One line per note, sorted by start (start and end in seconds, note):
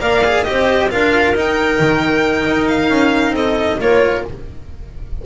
0.00 0.46 A#3
0.00 0.22 A#4
0.00 0.45 D5
0.00 0.44 F5
0.25 0.46 G#4
0.44 0.93 C4
0.44 0.90 G4
0.44 0.92 C5
0.44 0.89 D#5
0.90 1.35 D4
0.90 1.35 F4
0.90 3.35 A#4
0.90 1.36 F5
1.35 1.79 D#4
1.35 3.80 D#4
1.35 2.68 G5
1.80 2.47 D#3
2.47 2.90 D#4
2.68 3.35 F5
2.90 3.31 C#4
3.31 3.76 C4
3.31 3.79 A4
3.31 3.81 D#5
3.80 4.25 A#3
3.80 4.25 F4
3.80 4.25 A#4
3.80 4.26 C#5